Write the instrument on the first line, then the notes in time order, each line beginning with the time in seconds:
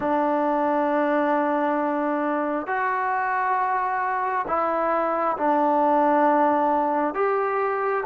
trombone
0.00 D4
2.66 F#4
4.47 E4
5.37 D4
7.14 G4